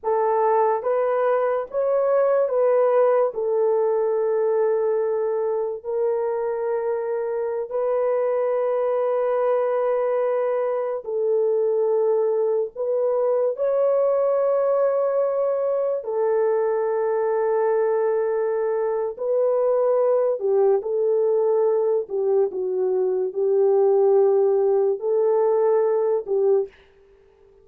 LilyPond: \new Staff \with { instrumentName = "horn" } { \time 4/4 \tempo 4 = 72 a'4 b'4 cis''4 b'4 | a'2. ais'4~ | ais'4~ ais'16 b'2~ b'8.~ | b'4~ b'16 a'2 b'8.~ |
b'16 cis''2. a'8.~ | a'2. b'4~ | b'8 g'8 a'4. g'8 fis'4 | g'2 a'4. g'8 | }